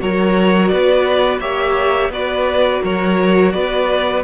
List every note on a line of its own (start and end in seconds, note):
0.00 0.72 F#3
0.00 1.41 F#4
0.00 0.73 A#4
0.00 0.69 C#5
0.69 1.40 B3
0.69 1.41 B4
0.69 1.39 D5
1.40 2.09 A#3
1.40 2.12 G4
1.40 2.12 C#5
1.40 2.11 E5
2.09 2.80 B3
2.09 4.24 F#4
2.09 2.83 B4
2.09 2.84 D5
2.83 3.55 F#3
2.83 3.54 A#4
2.83 3.53 C#5
3.53 4.24 B3
3.53 4.24 B4
3.53 4.23 D5